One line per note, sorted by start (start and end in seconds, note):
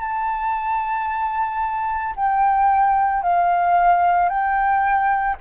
0.00 2.14 A5
2.16 3.22 G5
3.22 4.29 F5
4.29 5.36 G5